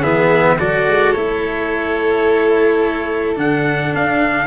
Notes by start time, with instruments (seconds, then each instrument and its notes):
0.00 tuba E3, cello B3, violin G#4, trumpet E5
0.58 tuba F#3, cello F#4, violin A4, trumpet D5
0.87 tuba G#3
1.12 tuba A3, cello E4, trumpet C#5
3.36 tuba D3, cello D4, trumpet F#5
3.95 tuba D4, trumpet F5